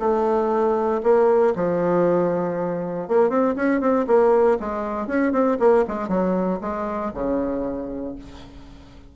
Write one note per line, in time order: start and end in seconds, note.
0.00 1.02 A3
1.03 1.54 A#3
1.56 3.09 F3
3.09 3.30 A#3
3.30 3.55 C4
3.56 3.81 C#4
3.81 4.06 C4
4.07 4.58 A#3
4.60 5.07 G#3
5.07 5.33 C#4
5.33 5.58 C4
5.60 5.85 A#3
5.88 6.09 G#3
6.09 6.60 F#3
6.61 7.12 G#3
7.14 8.16 C#3